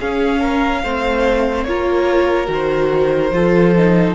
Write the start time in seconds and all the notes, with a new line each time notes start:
0.00 C#4 G#4 F5
0.40 A#4
0.83 A3 C4 C5
1.64 A#3 F4 A#4 C#5
2.46 D#3 F#4
2.53 C5
3.31 F3 F4 A4
3.77 D#4